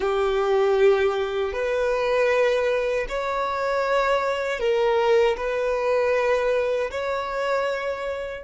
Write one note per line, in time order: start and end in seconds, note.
0.00 1.52 G4
1.52 3.06 B4
3.08 4.59 C#5
4.59 5.36 A#4
5.36 6.90 B4
6.90 8.44 C#5